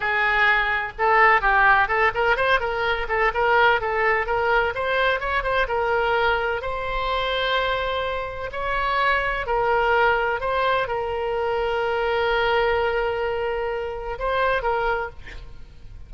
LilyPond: \new Staff \with { instrumentName = "oboe" } { \time 4/4 \tempo 4 = 127 gis'2 a'4 g'4 | a'8 ais'8 c''8 ais'4 a'8 ais'4 | a'4 ais'4 c''4 cis''8 c''8 | ais'2 c''2~ |
c''2 cis''2 | ais'2 c''4 ais'4~ | ais'1~ | ais'2 c''4 ais'4 | }